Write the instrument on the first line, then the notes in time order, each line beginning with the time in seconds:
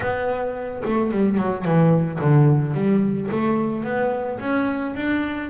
double bass
0.00 B3
0.85 A3
1.11 G3
1.37 F#3
1.64 E3
2.20 D3
2.74 G3
3.31 A3
3.84 B3
4.39 C#4
4.95 D4